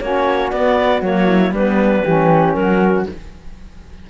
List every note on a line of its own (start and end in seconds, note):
0.00 0.52 A#3
0.00 0.53 C#4
0.00 1.26 F#4
0.00 0.50 C#5
0.50 1.01 B3
0.50 1.02 B3
0.50 1.02 D5
1.01 1.51 F#3
1.01 1.53 A#3
1.01 1.54 C#5
1.26 1.51 E4
1.51 2.02 G3
1.51 2.05 B3
1.51 2.04 D4
1.51 2.53 B4
2.04 2.54 E3
2.04 3.08 C#4
2.04 2.55 G4
2.53 3.06 F#3
2.53 3.09 F#4
2.53 3.04 A#4